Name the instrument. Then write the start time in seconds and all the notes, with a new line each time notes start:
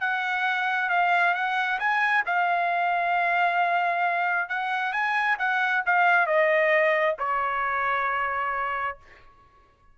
trumpet
0.00 F#5
0.89 F5
1.34 F#5
1.79 G#5
2.26 F5
4.49 F#5
4.92 G#5
5.38 F#5
5.86 F5
6.26 D#5
7.18 C#5